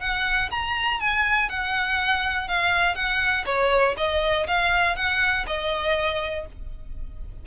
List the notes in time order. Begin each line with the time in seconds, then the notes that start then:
0.00 F#5
0.51 A#5
1.00 G#5
1.49 F#5
2.48 F5
2.95 F#5
3.45 C#5
3.97 D#5
4.47 F5
4.96 F#5
5.47 D#5